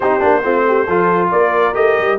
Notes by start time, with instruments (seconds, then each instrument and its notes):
0.00 tuba C4, trombone D#4, horn G4, trumpet C5
0.20 tuba A#3, trombone D4
0.43 tuba A3, trombone C4, horn F4
0.67 horn G4
0.87 tuba F3, trombone F4, horn A4
1.31 tuba A#3, horn A#4, trumpet D5
1.73 tuba A3, trombone G4, trumpet D#5
1.98 tuba G3